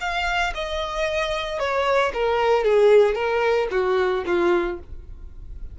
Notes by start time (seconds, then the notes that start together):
0.00 F5
0.54 D#5
1.59 C#5
2.13 A#4
2.64 G#4
3.14 A#4
3.70 F#4
4.26 F4